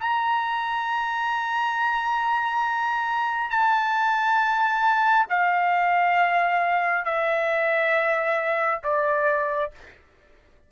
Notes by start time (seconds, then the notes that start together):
0.00 A#5
3.50 A5
5.29 F5
7.05 E5
8.83 D5